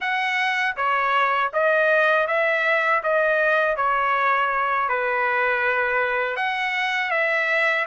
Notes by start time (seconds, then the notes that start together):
0.00 F#5
0.76 C#5
1.53 D#5
2.27 E5
3.03 D#5
3.76 C#5
4.88 B4
6.36 F#5
7.10 E5